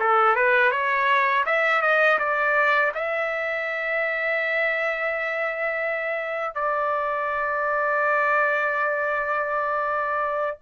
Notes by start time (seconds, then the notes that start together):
0.00 A4
0.36 B4
0.71 C#5
1.46 E5
1.82 D#5
2.19 D5
2.95 E5
6.55 D5